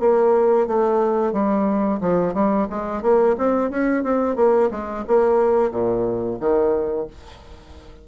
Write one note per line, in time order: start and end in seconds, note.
0.00 0.67 A#3
0.67 1.32 A3
1.32 2.00 G3
2.00 2.34 F3
2.34 2.67 G3
2.70 3.02 G#3
3.02 3.36 A#3
3.38 3.70 C4
3.70 4.03 C#4
4.03 4.36 C4
4.36 4.69 A#3
4.71 5.05 G#3
5.07 5.71 A#3
5.71 6.38 A#2
6.40 7.07 D#3